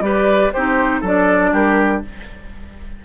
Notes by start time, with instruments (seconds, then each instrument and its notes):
0.00 bassoon G3, clarinet G4, oboe B4, flute D5
0.52 bassoon C4, clarinet D#4, oboe G4, flute C5
1.00 bassoon F#3, clarinet D4, oboe A4, flute D5
1.52 bassoon G3, oboe G4, flute A#4